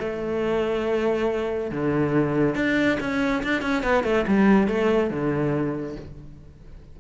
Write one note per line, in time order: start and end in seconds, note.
0.00 1.71 A3
1.72 2.56 D3
2.56 2.98 D4
3.00 3.43 C#4
3.44 3.62 D4
3.62 3.83 C#4
3.83 4.04 B3
4.04 4.26 A3
4.28 4.68 G3
4.68 5.11 A3
5.11 5.96 D3